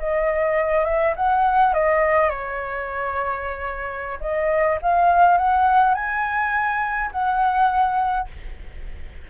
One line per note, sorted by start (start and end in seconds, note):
0.00 0.85 D#5
0.85 1.14 E5
1.17 1.74 F#5
1.74 2.30 D#5
2.30 4.19 C#5
4.21 4.79 D#5
4.82 5.38 F5
5.38 5.94 F#5
5.94 7.11 G#5
7.12 8.28 F#5